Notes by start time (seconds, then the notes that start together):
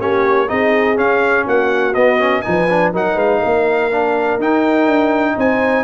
0.00 A#3 C#4 G4 C#5
0.48 C4 D#4 G#4 D#5
0.96 C#4 F5
1.45 A#3 F#4 F#5
1.95 B3 D#5
2.20 C#4
2.42 F3 D#4 B4 G#5
2.70 D4
2.93 F#3 D#4 A#4 F#5
3.15 G#3 B4 F5
3.39 A#3 A#4
3.92 D4
4.39 D#4 G5
4.87 D4
5.36 C4 C5 G#5